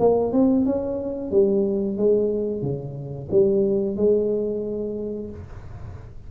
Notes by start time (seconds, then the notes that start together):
0.00 A#3
0.33 C4
0.66 C#4
1.32 G3
1.97 G#3
2.62 C#3
3.32 G3
3.97 G#3